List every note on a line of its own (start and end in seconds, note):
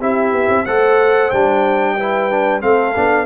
0.00 0.32 C4
0.00 0.67 E4
0.00 0.65 G4
0.00 0.66 E5
0.32 0.49 B3
0.49 0.65 C4
0.66 1.32 A3
0.66 1.33 A4
0.66 1.96 C5
0.66 1.31 F#5
1.31 2.63 G3
1.31 1.99 D4
1.31 2.61 G5
1.97 2.31 E4
1.97 2.62 B4
2.31 2.62 D4
2.62 2.97 A3
2.62 2.94 C4
2.62 3.26 A4
2.62 3.26 F5
2.96 3.26 B3
2.96 3.26 D4